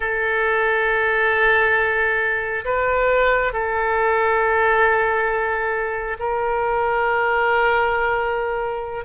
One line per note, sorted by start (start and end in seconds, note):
0.00 2.64 A4
2.65 3.52 B4
3.52 6.17 A4
6.19 9.04 A#4